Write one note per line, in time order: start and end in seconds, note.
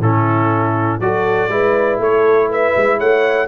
0.00 0.99 A2
0.00 1.02 C#4
0.00 1.02 E4
0.00 1.01 A4
1.00 1.49 F#3
1.00 1.50 F#4
1.00 1.52 A4
1.00 2.00 D5
1.49 1.98 G#3
1.49 3.48 E4
1.49 2.02 B4
1.98 2.73 A3
1.98 2.50 A4
1.98 2.52 C#5
2.50 2.98 B4
2.50 3.00 E5
2.77 3.00 G#3
2.98 3.48 A3
2.98 3.47 C#5
2.98 3.48 F#5